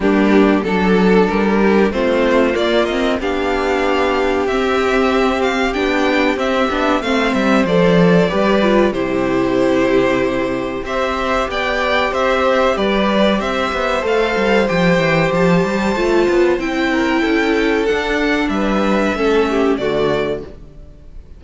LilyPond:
<<
  \new Staff \with { instrumentName = "violin" } { \time 4/4 \tempo 4 = 94 g'4 a'4 ais'4 c''4 | d''8 dis''8 f''2 e''4~ | e''8 f''8 g''4 e''4 f''8 e''8 | d''2 c''2~ |
c''4 e''4 g''4 e''4 | d''4 e''4 f''4 g''4 | a''2 g''2 | fis''4 e''2 d''4 | }
  \new Staff \with { instrumentName = "violin" } { \time 4/4 d'4 a'4. g'8 f'4~ | f'4 g'2.~ | g'2. c''4~ | c''4 b'4 g'2~ |
g'4 c''4 d''4 c''4 | b'4 c''2.~ | c''2~ c''8 ais'8 a'4~ | a'4 b'4 a'8 g'8 fis'4 | }
  \new Staff \with { instrumentName = "viola" } { \time 4/4 ais4 d'2 c'4 | ais8 c'8 d'2 c'4~ | c'4 d'4 c'8 d'8 c'4 | a'4 g'8 f'8 e'2~ |
e'4 g'2.~ | g'2 a'4 g'4~ | g'4 f'4 e'2 | d'2 cis'4 a4 | }
  \new Staff \with { instrumentName = "cello" } { \time 4/4 g4 fis4 g4 a4 | ais4 b2 c'4~ | c'4 b4 c'8 b8 a8 g8 | f4 g4 c2~ |
c4 c'4 b4 c'4 | g4 c'8 b8 a8 g8 f8 e8 | f8 g8 a8 b8 c'4 cis'4 | d'4 g4 a4 d4 | }
>>